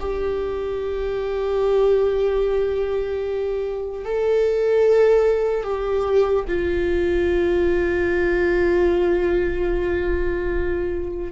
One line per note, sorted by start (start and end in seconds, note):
0.00 4.05 G4
4.05 5.64 A4
5.64 6.45 G4
6.48 11.32 F4